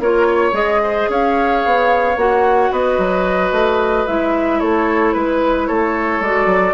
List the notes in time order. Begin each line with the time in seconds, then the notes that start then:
0.00 A#3 F4 A#4 C#5
0.27 C#5
0.53 G#3 G#4 D#5
0.83 C5
1.09 C#4 C#5 F5
1.66 B3
2.17 A#3 F#4 F#5
2.71 B3 B4 D#5
2.98 F#3
3.52 A3
4.07 G#3 E4 E5
4.60 A3 A4 C#5
5.14 G#3 B4
5.68 A3 A4 C#5
6.20 G#3 F#4 D5
6.46 F#3